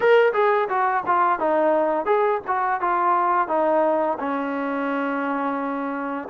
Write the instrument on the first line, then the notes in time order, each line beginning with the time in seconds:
trombone
0.00 A#4
0.33 G#4
0.68 F#4
1.06 F4
1.39 D#4
2.05 G#4
2.47 F#4
2.80 F4
3.48 D#4
4.19 C#4